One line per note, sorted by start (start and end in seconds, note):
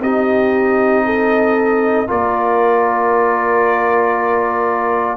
0.00 2.07 C4
0.00 2.07 D#4
0.00 1.05 G4
0.00 2.09 D#5
1.05 2.07 A4
2.07 5.17 A#3
2.07 5.17 F4
2.07 5.17 A#4
2.07 5.17 D5